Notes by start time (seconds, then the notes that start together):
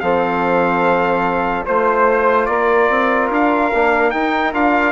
0.00 F3 C4 A4 F5
1.65 A3 F4 C5
2.46 A#3 A#4 D5
2.89 C4
3.30 D4 F5
3.73 A#3 D4
4.10 D#4 G5
4.53 D4 F4 F5